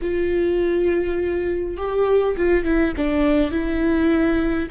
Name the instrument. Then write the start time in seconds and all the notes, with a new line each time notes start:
viola
0.01 F4
1.77 G4
2.36 F4
2.64 E4
2.96 D4
3.51 E4